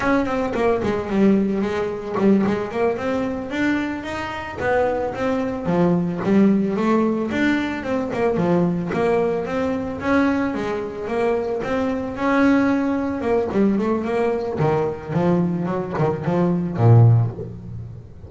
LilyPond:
\new Staff \with { instrumentName = "double bass" } { \time 4/4 \tempo 4 = 111 cis'8 c'8 ais8 gis8 g4 gis4 | g8 gis8 ais8 c'4 d'4 dis'8~ | dis'8 b4 c'4 f4 g8~ | g8 a4 d'4 c'8 ais8 f8~ |
f8 ais4 c'4 cis'4 gis8~ | gis8 ais4 c'4 cis'4.~ | cis'8 ais8 g8 a8 ais4 dis4 | f4 fis8 dis8 f4 ais,4 | }